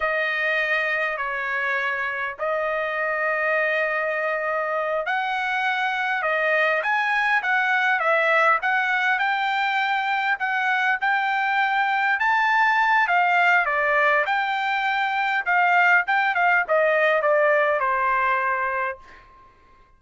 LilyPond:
\new Staff \with { instrumentName = "trumpet" } { \time 4/4 \tempo 4 = 101 dis''2 cis''2 | dis''1~ | dis''8 fis''2 dis''4 gis''8~ | gis''8 fis''4 e''4 fis''4 g''8~ |
g''4. fis''4 g''4.~ | g''8 a''4. f''4 d''4 | g''2 f''4 g''8 f''8 | dis''4 d''4 c''2 | }